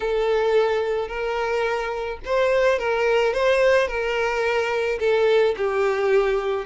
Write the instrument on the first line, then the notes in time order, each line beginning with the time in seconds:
violin
0.00 A4
1.08 A#4
2.25 C5
2.79 A#4
3.33 C5
3.87 A#4
4.99 A4
5.57 G4